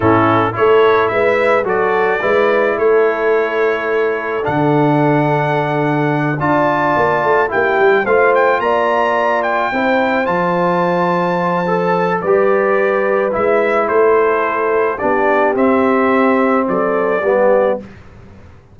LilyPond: <<
  \new Staff \with { instrumentName = "trumpet" } { \time 4/4 \tempo 4 = 108 a'4 cis''4 e''4 d''4~ | d''4 cis''2. | fis''2.~ fis''8 a''8~ | a''4. g''4 f''8 g''8 ais''8~ |
ais''4 g''4. a''4.~ | a''2 d''2 | e''4 c''2 d''4 | e''2 d''2 | }
  \new Staff \with { instrumentName = "horn" } { \time 4/4 e'4 a'4 b'4 a'4 | b'4 a'2.~ | a'2.~ a'8 d''8~ | d''4. g'4 c''4 d''8~ |
d''4. c''2~ c''8~ | c''2 b'2~ | b'4 a'2 g'4~ | g'2 a'4 g'4 | }
  \new Staff \with { instrumentName = "trombone" } { \time 4/4 cis'4 e'2 fis'4 | e'1 | d'2.~ d'8 f'8~ | f'4. e'4 f'4.~ |
f'4. e'4 f'4.~ | f'4 a'4 g'2 | e'2. d'4 | c'2. b4 | }
  \new Staff \with { instrumentName = "tuba" } { \time 4/4 a,4 a4 gis4 fis4 | gis4 a2. | d2.~ d8 d'8~ | d'8 ais8 a8 ais8 g8 a4 ais8~ |
ais4. c'4 f4.~ | f2 g2 | gis4 a2 b4 | c'2 fis4 g4 | }
>>